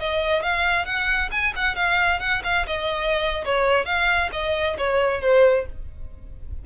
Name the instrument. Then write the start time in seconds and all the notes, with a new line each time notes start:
violin
0.00 D#5
0.43 F5
0.86 F#5
1.32 G#5
1.56 F#5
1.76 F5
2.20 F#5
2.44 F5
2.67 D#5
3.45 C#5
3.86 F5
4.32 D#5
4.78 C#5
5.21 C5